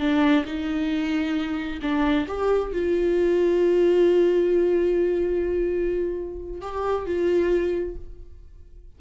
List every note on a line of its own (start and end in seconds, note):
0.00 0.45 D4
0.46 1.80 D#4
1.82 2.27 D4
2.28 2.73 G4
2.73 6.61 F4
6.61 7.06 G4
7.06 7.96 F4